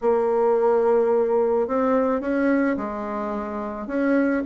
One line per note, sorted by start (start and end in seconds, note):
0.01 1.67 A#3
1.67 2.20 C4
2.20 2.76 C#4
2.76 3.87 G#3
3.87 4.42 C#4